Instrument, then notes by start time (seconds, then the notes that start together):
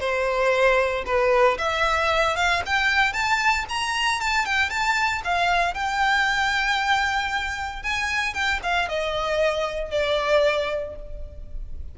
violin
0.00 C5
1.06 B4
1.58 E5
2.36 F5
2.66 G5
3.13 A5
3.69 A#5
4.21 A5
4.46 G5
4.70 A5
5.25 F5
5.74 G5
7.83 G#5
8.34 G5
8.63 F5
8.89 D#5
9.91 D5